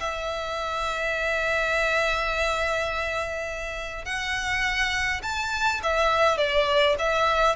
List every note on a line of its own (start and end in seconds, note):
0.00 4.05 E5
4.05 5.22 F#5
5.23 5.81 A5
5.84 6.38 E5
6.38 6.96 D5
6.99 7.56 E5